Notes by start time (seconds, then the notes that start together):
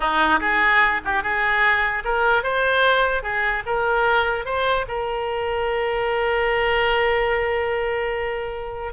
0.00 D#4
0.40 G#4
1.04 G4
1.22 G#4
2.04 A#4
2.43 C5
3.22 G#4
3.66 A#4
4.45 C5
4.88 A#4